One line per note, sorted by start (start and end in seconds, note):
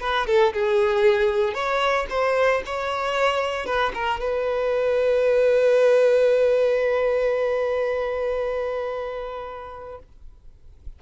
0.00 0.26 B4
0.27 0.53 A4
0.53 1.54 G#4
1.54 2.06 C#5
2.10 2.62 C5
2.66 3.66 C#5
3.66 3.92 B4
3.94 4.20 A#4
4.20 9.99 B4